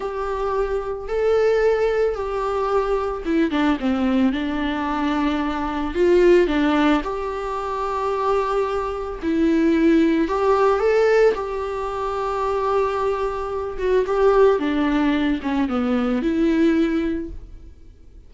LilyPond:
\new Staff \with { instrumentName = "viola" } { \time 4/4 \tempo 4 = 111 g'2 a'2 | g'2 e'8 d'8 c'4 | d'2. f'4 | d'4 g'2.~ |
g'4 e'2 g'4 | a'4 g'2.~ | g'4. fis'8 g'4 d'4~ | d'8 cis'8 b4 e'2 | }